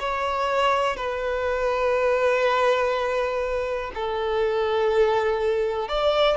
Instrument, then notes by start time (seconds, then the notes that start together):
violin
0.00 C#5
0.97 B4
3.94 A4
5.88 D5